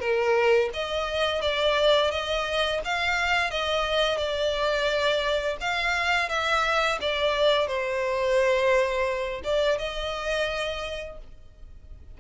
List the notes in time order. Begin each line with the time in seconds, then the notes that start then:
0.00 A#4
0.73 D#5
1.41 D5
2.11 D#5
2.84 F5
3.50 D#5
4.17 D5
5.60 F5
6.29 E5
7.01 D5
7.67 C5
9.43 D5
9.78 D#5